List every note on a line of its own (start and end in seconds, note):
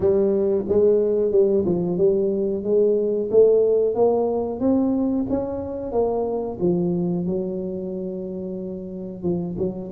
0.00 0.64 G3
0.68 1.31 G#3
1.31 1.64 G3
1.65 1.97 F3
1.97 2.63 G3
2.63 3.29 G#3
3.30 3.94 A3
3.94 4.59 A#3
4.59 5.25 C4
5.29 5.92 C#4
5.92 6.58 A#3
6.60 7.26 F3
7.26 9.23 F#3
9.23 9.56 F3
9.58 9.91 F#3